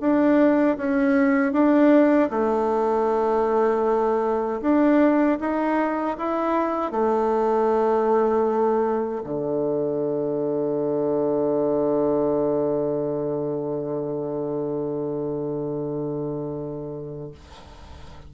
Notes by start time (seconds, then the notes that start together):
0.00 D4
0.77 C#4
1.52 D4
2.30 A3
4.61 D4
5.40 D#4
6.17 E4
6.91 A3
9.24 D3